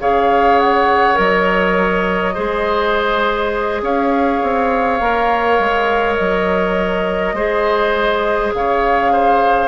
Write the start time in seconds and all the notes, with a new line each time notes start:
0.00 C#3 G#4 C#5 F5
0.59 F#5
1.14 F#3 A#4 D#5
2.34 G#3 G#4 C5
3.82 C#4 C#5 F5
4.42 C4
5.00 A#3 A#4
5.59 G#3
6.15 F#3 D#5
7.33 G#3 G#4 C5
8.54 C#3 C#5 F5
9.12 C5